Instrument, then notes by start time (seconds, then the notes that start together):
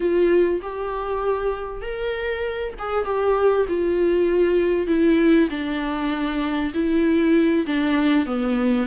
viola
0.00 F4
0.62 G4
1.81 A#4
2.78 G#4
3.04 G4
3.68 F4
4.87 E4
5.50 D4
6.73 E4
7.66 D4
8.26 B3